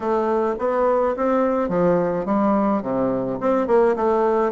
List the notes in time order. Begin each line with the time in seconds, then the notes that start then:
0.00 A3
0.58 B3
1.16 C4
1.69 F3
2.25 G3
2.82 C3
3.40 C4
3.67 A#3
3.95 A3